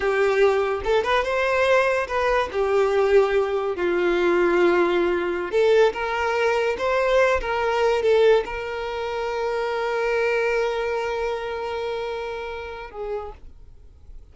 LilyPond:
\new Staff \with { instrumentName = "violin" } { \time 4/4 \tempo 4 = 144 g'2 a'8 b'8 c''4~ | c''4 b'4 g'2~ | g'4 f'2.~ | f'4~ f'16 a'4 ais'4.~ ais'16~ |
ais'16 c''4. ais'4. a'8.~ | a'16 ais'2.~ ais'8.~ | ais'1~ | ais'2. gis'4 | }